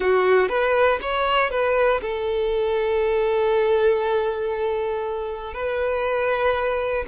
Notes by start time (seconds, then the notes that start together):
0.00 F#4
0.49 B4
1.01 C#5
1.50 B4
2.01 A4
5.53 B4